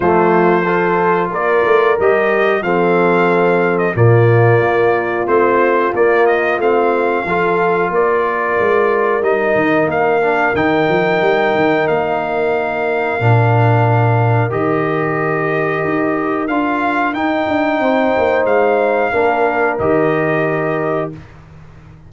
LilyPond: <<
  \new Staff \with { instrumentName = "trumpet" } { \time 4/4 \tempo 4 = 91 c''2 d''4 dis''4 | f''4.~ f''16 dis''16 d''2 | c''4 d''8 dis''8 f''2 | d''2 dis''4 f''4 |
g''2 f''2~ | f''2 dis''2~ | dis''4 f''4 g''2 | f''2 dis''2 | }
  \new Staff \with { instrumentName = "horn" } { \time 4/4 f'4 a'4 ais'2 | a'2 f'2~ | f'2. a'4 | ais'1~ |
ais'1~ | ais'1~ | ais'2. c''4~ | c''4 ais'2. | }
  \new Staff \with { instrumentName = "trombone" } { \time 4/4 a4 f'2 g'4 | c'2 ais2 | c'4 ais4 c'4 f'4~ | f'2 dis'4. d'8 |
dis'1 | d'2 g'2~ | g'4 f'4 dis'2~ | dis'4 d'4 g'2 | }
  \new Staff \with { instrumentName = "tuba" } { \time 4/4 f2 ais8 a8 g4 | f2 ais,4 ais4 | a4 ais4 a4 f4 | ais4 gis4 g8 dis8 ais4 |
dis8 f8 g8 dis8 ais2 | ais,2 dis2 | dis'4 d'4 dis'8 d'8 c'8 ais8 | gis4 ais4 dis2 | }
>>